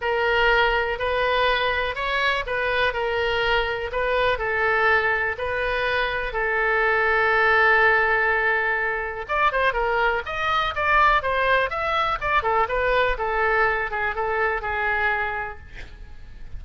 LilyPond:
\new Staff \with { instrumentName = "oboe" } { \time 4/4 \tempo 4 = 123 ais'2 b'2 | cis''4 b'4 ais'2 | b'4 a'2 b'4~ | b'4 a'2.~ |
a'2. d''8 c''8 | ais'4 dis''4 d''4 c''4 | e''4 d''8 a'8 b'4 a'4~ | a'8 gis'8 a'4 gis'2 | }